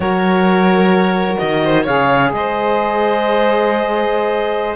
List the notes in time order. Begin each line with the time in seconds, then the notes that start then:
0.00 F#3 F#4 A#4 C#5
1.38 D#3 D#5
1.64 C5
1.83 C#3 G#4 C#5 F5
2.32 G#3 C5 D#5